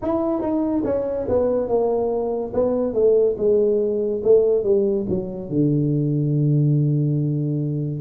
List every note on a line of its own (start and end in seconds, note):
0.02 0.41 E4
0.41 0.83 D#4
0.85 1.27 C#4
1.28 1.67 B3
1.67 2.52 A#3
2.54 2.93 B3
2.93 3.36 A3
3.37 4.22 G#3
4.23 4.63 A3
4.63 5.06 G3
5.09 5.49 F#3
5.49 8.01 D3